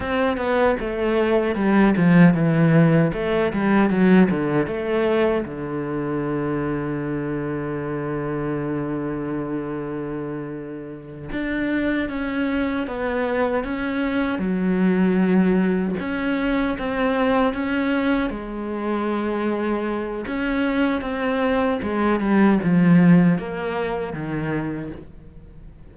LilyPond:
\new Staff \with { instrumentName = "cello" } { \time 4/4 \tempo 4 = 77 c'8 b8 a4 g8 f8 e4 | a8 g8 fis8 d8 a4 d4~ | d1~ | d2~ d8 d'4 cis'8~ |
cis'8 b4 cis'4 fis4.~ | fis8 cis'4 c'4 cis'4 gis8~ | gis2 cis'4 c'4 | gis8 g8 f4 ais4 dis4 | }